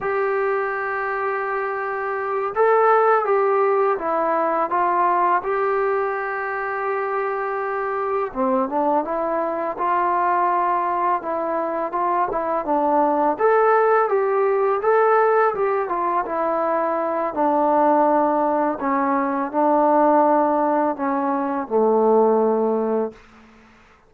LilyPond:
\new Staff \with { instrumentName = "trombone" } { \time 4/4 \tempo 4 = 83 g'2.~ g'8 a'8~ | a'8 g'4 e'4 f'4 g'8~ | g'2.~ g'8 c'8 | d'8 e'4 f'2 e'8~ |
e'8 f'8 e'8 d'4 a'4 g'8~ | g'8 a'4 g'8 f'8 e'4. | d'2 cis'4 d'4~ | d'4 cis'4 a2 | }